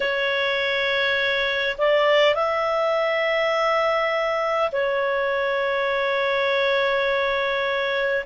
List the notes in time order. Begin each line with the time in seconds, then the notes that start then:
0.00 C#5
1.78 D5
2.35 E5
4.72 C#5